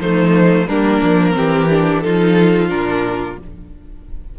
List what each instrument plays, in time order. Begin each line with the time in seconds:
0.00 cello F3, viola A3, violin D#4 C5
0.67 cello G3, viola A#3, violin D4 A#4
1.03 cello F3
1.33 cello E3, viola C4, violin G4
1.70 viola D4
2.01 cello F3, viola D#4, violin F4 A4
2.69 cello A#2, viola D4, violin A#4